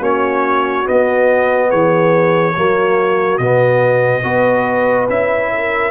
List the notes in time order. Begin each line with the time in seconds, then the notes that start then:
0.00 A#3 C#4 F#4 C#5
0.85 B3 D#5
1.70 E3 G#4 C#5
2.56 F#3 A#3 F#4
3.38 B2 B3 D#5
4.24 B3 F#4 B4
5.10 C#4 E4 E5
5.53 A#4